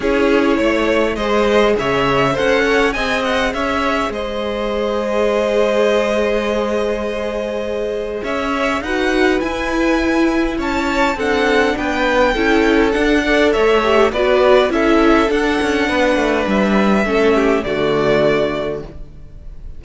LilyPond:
<<
  \new Staff \with { instrumentName = "violin" } { \time 4/4 \tempo 4 = 102 cis''2 dis''4 e''4 | fis''4 gis''8 fis''8 e''4 dis''4~ | dis''1~ | dis''2 e''4 fis''4 |
gis''2 a''4 fis''4 | g''2 fis''4 e''4 | d''4 e''4 fis''2 | e''2 d''2 | }
  \new Staff \with { instrumentName = "violin" } { \time 4/4 gis'4 cis''4 c''4 cis''4 | c''8 cis''8 dis''4 cis''4 c''4~ | c''1~ | c''2 cis''4 b'4~ |
b'2 cis''4 a'4 | b'4 a'4. d''8 cis''4 | b'4 a'2 b'4~ | b'4 a'8 g'8 fis'2 | }
  \new Staff \with { instrumentName = "viola" } { \time 4/4 e'2 gis'2 | a'4 gis'2.~ | gis'1~ | gis'2. fis'4 |
e'2. d'4~ | d'4 e'4 d'8 a'4 g'8 | fis'4 e'4 d'2~ | d'4 cis'4 a2 | }
  \new Staff \with { instrumentName = "cello" } { \time 4/4 cis'4 a4 gis4 cis4 | cis'4 c'4 cis'4 gis4~ | gis1~ | gis2 cis'4 dis'4 |
e'2 cis'4 c'4 | b4 cis'4 d'4 a4 | b4 cis'4 d'8 cis'8 b8 a8 | g4 a4 d2 | }
>>